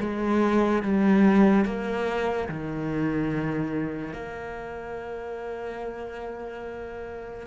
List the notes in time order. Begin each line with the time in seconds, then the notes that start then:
0.00 G#3
0.83 G3
1.65 A#3
2.49 D#3
4.14 A#3